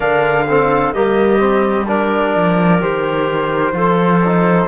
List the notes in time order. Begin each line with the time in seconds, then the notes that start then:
0.00 D3 D4 A#4 F5
0.47 C4 A4
0.92 G3 A#3 G4 D#5
1.38 C4
1.86 D4 A#4 D5
2.35 F3
2.80 D#3 G4 C5
3.72 F3 F4 A4
4.24 D#4